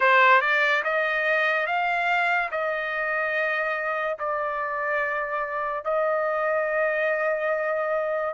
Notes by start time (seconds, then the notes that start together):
0.00 C5
0.41 D5
0.84 D#5
1.66 F5
2.51 D#5
4.19 D5
5.84 D#5